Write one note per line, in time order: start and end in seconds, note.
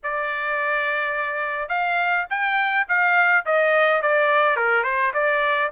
0.03 1.68 D5
1.68 2.25 F5
2.29 2.86 G5
2.88 3.45 F5
3.45 4.02 D#5
4.02 4.56 D5
4.56 4.83 A#4
4.83 5.12 C5
5.13 5.70 D5